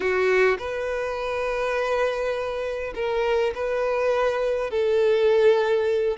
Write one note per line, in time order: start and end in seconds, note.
0.00 0.57 F#4
0.58 2.93 B4
2.94 3.53 A#4
3.55 4.70 B4
4.70 6.17 A4